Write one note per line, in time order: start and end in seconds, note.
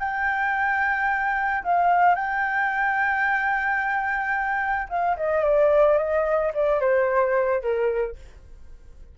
0.00 1.64 G5
1.64 2.15 F5
2.15 4.88 G5
4.89 5.17 F5
5.17 5.44 D#5
5.44 5.98 D5
5.98 6.52 D#5
6.55 6.81 D5
6.81 7.62 C5
7.62 8.16 A#4